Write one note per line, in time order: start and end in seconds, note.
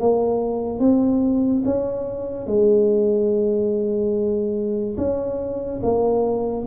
0.00 0.80 A#3
0.80 1.63 C4
1.65 2.47 C#4
2.47 4.97 G#3
4.97 5.81 C#4
5.83 6.66 A#3